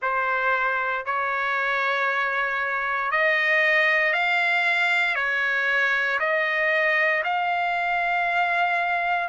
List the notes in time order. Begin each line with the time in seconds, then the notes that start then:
0.02 C5
1.05 C#5
3.11 D#5
4.13 F5
5.15 C#5
6.19 D#5
7.24 F5